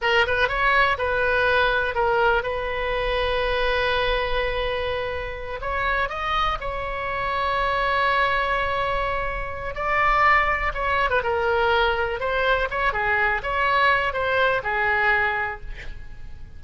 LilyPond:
\new Staff \with { instrumentName = "oboe" } { \time 4/4 \tempo 4 = 123 ais'8 b'8 cis''4 b'2 | ais'4 b'2.~ | b'2.~ b'8 cis''8~ | cis''8 dis''4 cis''2~ cis''8~ |
cis''1 | d''2 cis''8. b'16 ais'4~ | ais'4 c''4 cis''8 gis'4 cis''8~ | cis''4 c''4 gis'2 | }